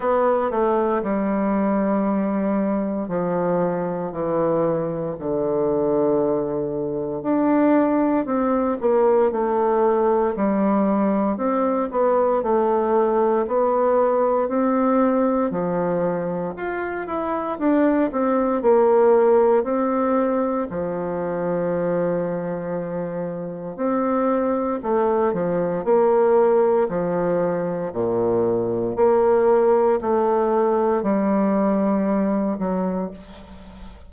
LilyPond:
\new Staff \with { instrumentName = "bassoon" } { \time 4/4 \tempo 4 = 58 b8 a8 g2 f4 | e4 d2 d'4 | c'8 ais8 a4 g4 c'8 b8 | a4 b4 c'4 f4 |
f'8 e'8 d'8 c'8 ais4 c'4 | f2. c'4 | a8 f8 ais4 f4 ais,4 | ais4 a4 g4. fis8 | }